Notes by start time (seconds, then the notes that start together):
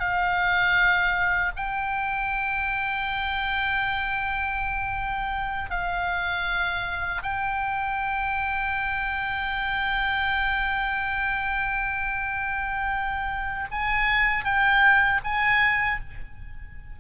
0.00 F5
1.57 G5
5.71 F5
7.23 G5
13.72 G#5
14.45 G5
15.24 G#5